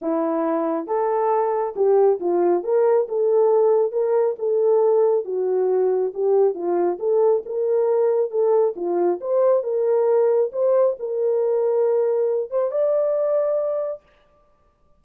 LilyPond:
\new Staff \with { instrumentName = "horn" } { \time 4/4 \tempo 4 = 137 e'2 a'2 | g'4 f'4 ais'4 a'4~ | a'4 ais'4 a'2 | fis'2 g'4 f'4 |
a'4 ais'2 a'4 | f'4 c''4 ais'2 | c''4 ais'2.~ | ais'8 c''8 d''2. | }